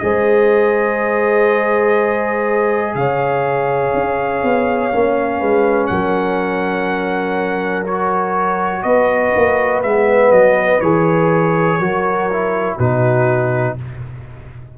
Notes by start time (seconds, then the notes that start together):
0.00 G#3 G#4 C5 D#5
2.95 C#3 C#5 F5
3.94 C#4
4.43 B3
4.93 A#3 C#4
5.40 G#3 B4
5.87 F#3 A#4 F#5
7.87 F#4 C#5
8.83 B3 B4 D#5
9.36 A#3
9.83 G#3 B3 E5
10.31 F#3 D#5
10.81 E3 G#4 C#5
11.79 F#3 F#4 A#4
12.33 E4
12.77 B2 D#4 F#4 B4